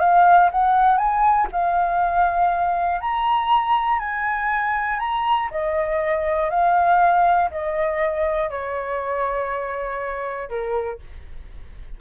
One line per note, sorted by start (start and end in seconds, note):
0.00 0.50 F5
0.51 0.97 F#5
0.97 1.47 G#5
1.52 3.01 F5
3.01 3.99 A#5
3.99 4.99 G#5
4.99 5.49 A#5
5.50 6.50 D#5
6.50 7.50 F5
7.51 8.50 D#5
8.50 10.49 C#5
10.49 10.99 A#4